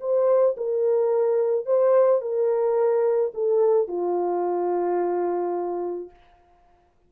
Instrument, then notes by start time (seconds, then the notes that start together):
horn
0.00 C5
0.57 A#4
1.66 C5
2.21 A#4
3.34 A4
3.88 F4